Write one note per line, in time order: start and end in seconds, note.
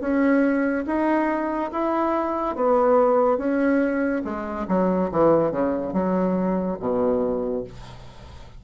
0.00 0.85 C#4
0.86 1.71 D#4
1.72 2.55 E4
2.55 3.38 B3
3.38 4.22 C#4
4.24 4.66 G#3
4.68 5.10 F#3
5.12 5.51 E3
5.51 5.93 C#3
5.93 6.78 F#3
6.80 7.64 B2